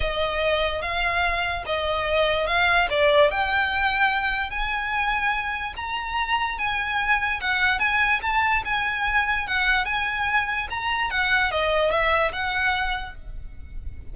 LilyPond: \new Staff \with { instrumentName = "violin" } { \time 4/4 \tempo 4 = 146 dis''2 f''2 | dis''2 f''4 d''4 | g''2. gis''4~ | gis''2 ais''2 |
gis''2 fis''4 gis''4 | a''4 gis''2 fis''4 | gis''2 ais''4 fis''4 | dis''4 e''4 fis''2 | }